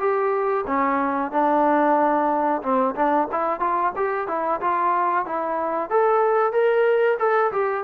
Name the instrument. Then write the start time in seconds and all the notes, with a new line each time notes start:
trombone
0.00 G4
0.67 C#4
1.32 D4
2.63 C4
2.96 D4
3.32 E4
3.60 F4
3.96 G4
4.28 E4
4.61 F4
5.26 E4
5.91 A4
6.53 A#4
7.19 A4
7.52 G4